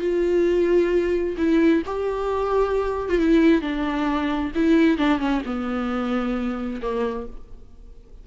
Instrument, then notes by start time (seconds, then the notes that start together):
viola
0.00 F4
1.37 E4
1.86 G4
3.09 F4
3.18 E4
3.61 D4
4.55 E4
4.97 D4
5.19 C#4
5.45 B3
6.81 A#3